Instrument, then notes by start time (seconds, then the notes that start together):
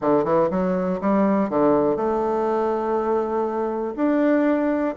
bassoon
0.01 D3
0.24 E3
0.50 F#3
1.01 G3
1.49 D3
1.96 A3
3.96 D4